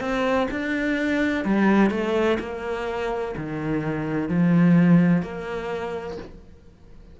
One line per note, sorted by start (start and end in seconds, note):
0.00 0.48 C4
0.51 1.45 D4
1.45 1.90 G3
1.90 2.38 A3
2.39 3.35 A#3
3.37 4.29 D#3
4.29 5.22 F3
5.22 6.18 A#3